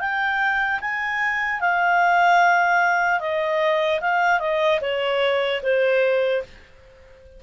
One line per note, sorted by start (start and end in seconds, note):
0.00 0.80 G5
0.81 1.60 G#5
1.60 3.20 F5
3.20 4.00 D#5
4.01 4.40 F5
4.40 4.80 D#5
4.81 5.61 C#5
5.63 6.43 C5